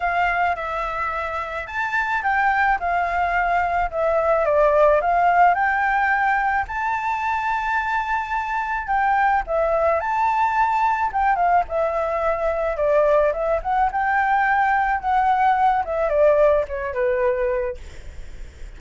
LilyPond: \new Staff \with { instrumentName = "flute" } { \time 4/4 \tempo 4 = 108 f''4 e''2 a''4 | g''4 f''2 e''4 | d''4 f''4 g''2 | a''1 |
g''4 e''4 a''2 | g''8 f''8 e''2 d''4 | e''8 fis''8 g''2 fis''4~ | fis''8 e''8 d''4 cis''8 b'4. | }